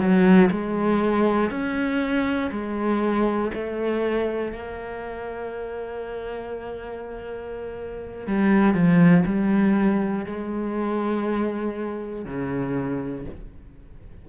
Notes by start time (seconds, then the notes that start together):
0.00 F#3
0.51 G#3
1.51 C#4
2.52 G#3
3.55 A3
4.53 A#3
8.27 G3
8.74 F3
9.26 G3
10.26 G#3
12.26 C#3